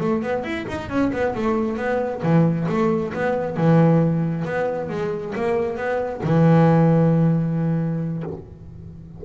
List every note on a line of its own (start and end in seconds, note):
0.00 0.22 A3
0.22 0.43 B3
0.43 0.66 E4
0.68 0.89 D#4
0.89 1.12 C#4
1.12 1.35 B3
1.35 1.77 A3
1.77 2.21 B3
2.22 2.67 E3
2.68 3.13 A3
3.14 3.57 B3
3.57 4.45 E3
4.45 4.89 B3
4.89 5.34 G#3
5.35 5.77 A#3
5.77 6.21 B3
6.23 8.23 E3